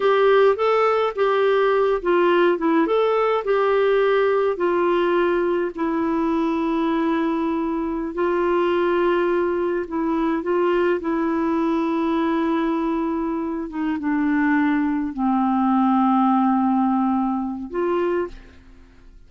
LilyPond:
\new Staff \with { instrumentName = "clarinet" } { \time 4/4 \tempo 4 = 105 g'4 a'4 g'4. f'8~ | f'8 e'8 a'4 g'2 | f'2 e'2~ | e'2~ e'16 f'4.~ f'16~ |
f'4~ f'16 e'4 f'4 e'8.~ | e'1 | dis'8 d'2 c'4.~ | c'2. f'4 | }